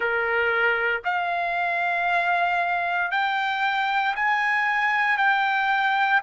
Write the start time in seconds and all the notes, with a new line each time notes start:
0.00 A#4
1.04 F5
3.11 G5
4.15 G#5
5.17 G5